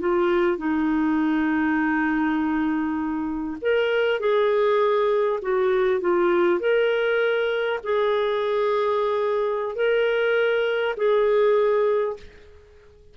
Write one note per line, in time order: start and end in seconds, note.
0.00 0.58 F4
0.58 3.58 D#4
3.62 4.20 A#4
4.20 5.40 G#4
5.42 6.01 F#4
6.01 6.60 F4
6.60 7.80 A#4
7.84 9.76 G#4
9.76 10.96 A#4
10.97 12.17 G#4